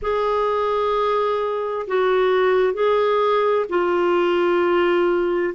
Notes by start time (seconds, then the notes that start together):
0.02 G#4
1.87 F#4
2.73 G#4
3.69 F4